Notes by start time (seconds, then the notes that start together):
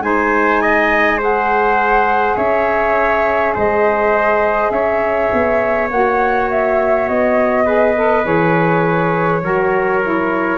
0.00 G#3 D#4 C5 G#5
0.61 D#5
1.17 G#4 C5 F#5
2.36 C#4 C#5 E5
3.54 G#3 C5 D#5
4.70 C#4 C#5 E5
5.33 B3
5.90 A#3 F#4 F#5
6.50 E5
7.08 B3 D#5
7.65 G#4 B4
7.96 A4
8.23 E3 G#4 C#5
9.42 F#3 F#4 A#4
10.02 E4